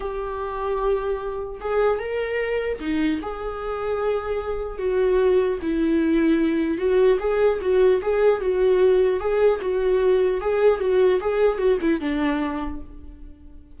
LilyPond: \new Staff \with { instrumentName = "viola" } { \time 4/4 \tempo 4 = 150 g'1 | gis'4 ais'2 dis'4 | gis'1 | fis'2 e'2~ |
e'4 fis'4 gis'4 fis'4 | gis'4 fis'2 gis'4 | fis'2 gis'4 fis'4 | gis'4 fis'8 e'8 d'2 | }